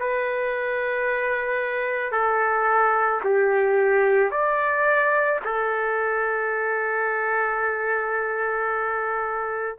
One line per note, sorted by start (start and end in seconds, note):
0.00 2.12 B4
2.12 3.21 A4
3.24 4.31 G4
4.31 5.40 D5
5.45 9.79 A4